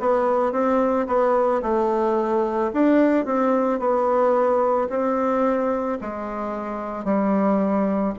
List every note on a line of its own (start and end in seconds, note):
0.00 0.53 B3
0.53 1.07 C4
1.07 1.62 B3
1.63 2.72 A3
2.74 3.26 D4
3.26 3.79 C4
3.79 4.88 B3
4.89 5.99 C4
6.01 7.05 G#3
7.05 8.14 G3